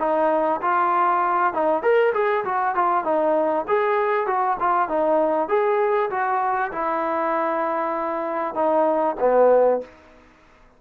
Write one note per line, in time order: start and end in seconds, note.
0.00 0.61 D#4
0.62 1.54 F4
1.54 1.83 D#4
1.83 2.14 A#4
2.14 2.45 G#4
2.45 2.76 F#4
2.76 3.05 F4
3.05 3.66 D#4
3.68 4.27 G#4
4.27 4.58 F#4
4.60 4.89 F4
4.89 5.49 D#4
5.49 6.10 G#4
6.11 6.72 F#4
6.72 8.55 E4
8.55 9.16 D#4
9.20 9.82 B3